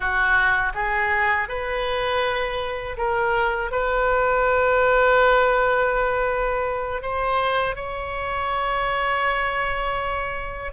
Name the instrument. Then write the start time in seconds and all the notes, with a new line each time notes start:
oboe
0.00 F#4
0.74 G#4
1.48 B4
2.97 A#4
3.71 B4
7.02 C5
7.75 C#5